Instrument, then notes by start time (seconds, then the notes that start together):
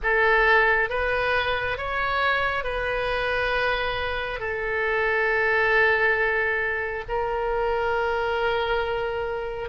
oboe
0.02 A4
0.89 B4
1.77 C#5
2.64 B4
4.39 A4
7.08 A#4